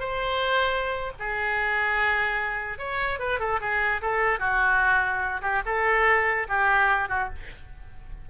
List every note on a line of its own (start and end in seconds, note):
0.00 1.12 C5
1.19 2.79 G#4
2.79 3.19 C#5
3.19 3.40 B4
3.40 3.60 A4
3.60 4.01 G#4
4.02 4.39 A4
4.39 5.41 F#4
5.42 5.62 G4
5.66 6.47 A4
6.48 7.09 G4
7.09 7.29 F#4